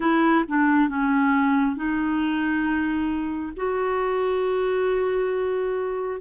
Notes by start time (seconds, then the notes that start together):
0.00 E4
0.48 D4
0.88 C#4
1.76 D#4
3.56 F#4